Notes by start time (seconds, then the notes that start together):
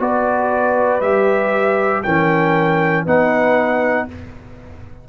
0.00 B3 F#4 B4 D5
1.01 G3 G4 E5
2.04 E3 C#4 A#4 G5
3.06 B3 D#4 B4 F#5